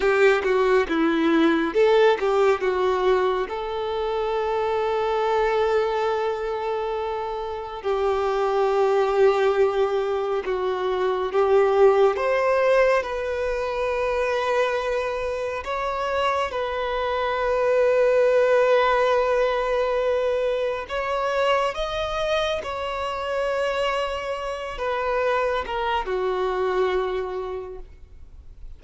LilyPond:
\new Staff \with { instrumentName = "violin" } { \time 4/4 \tempo 4 = 69 g'8 fis'8 e'4 a'8 g'8 fis'4 | a'1~ | a'4 g'2. | fis'4 g'4 c''4 b'4~ |
b'2 cis''4 b'4~ | b'1 | cis''4 dis''4 cis''2~ | cis''8 b'4 ais'8 fis'2 | }